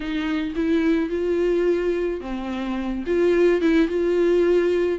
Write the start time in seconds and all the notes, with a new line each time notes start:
0.00 D#4
0.55 E4
1.09 F4
2.20 C4
3.06 F4
3.61 E4
3.88 F4